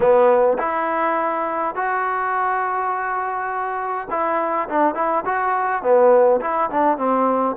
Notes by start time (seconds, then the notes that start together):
0.00 B3
0.58 E4
1.75 F#4
4.10 E4
4.69 D4
4.94 E4
5.25 F#4
5.82 B3
6.41 E4
6.70 D4
6.97 C4